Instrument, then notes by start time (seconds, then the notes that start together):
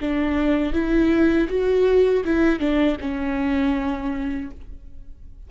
viola
0.00 D4
0.73 E4
1.48 F#4
2.24 E4
2.59 D4
3.00 C#4